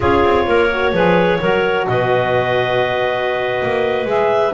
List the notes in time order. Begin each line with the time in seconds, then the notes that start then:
0.00 C#4 F4 G#4 C#5
0.24 C4
0.46 A#3 A#4
0.71 F#4
0.92 F3 G#4 B4
1.40 F#3 F#4 A#4
1.87 B2 B4 D#5
3.62 A#3
4.05 G#3 G#4 E5